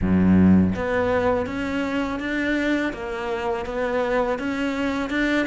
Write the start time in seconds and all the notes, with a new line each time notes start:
0.01 F#2
0.75 B3
1.46 C#4
2.19 D4
2.93 A#3
3.66 B3
4.39 C#4
5.10 D4